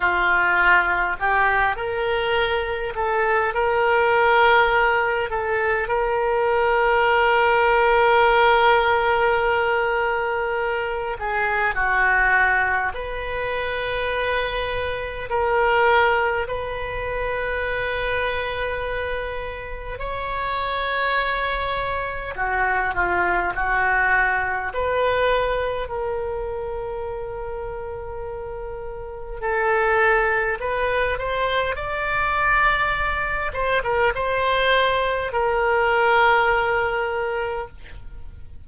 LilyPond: \new Staff \with { instrumentName = "oboe" } { \time 4/4 \tempo 4 = 51 f'4 g'8 ais'4 a'8 ais'4~ | ais'8 a'8 ais'2.~ | ais'4. gis'8 fis'4 b'4~ | b'4 ais'4 b'2~ |
b'4 cis''2 fis'8 f'8 | fis'4 b'4 ais'2~ | ais'4 a'4 b'8 c''8 d''4~ | d''8 c''16 ais'16 c''4 ais'2 | }